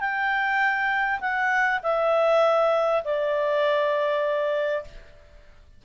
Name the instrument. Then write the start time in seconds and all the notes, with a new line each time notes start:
clarinet
0.00 G5
1.21 F#5
1.83 E5
3.04 D5